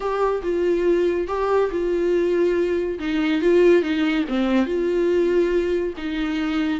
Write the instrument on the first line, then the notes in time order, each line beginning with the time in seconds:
viola
0.00 G4
0.43 F4
1.27 G4
1.71 F4
2.99 D#4
3.41 F4
3.82 D#4
4.28 C4
4.66 F4
5.97 D#4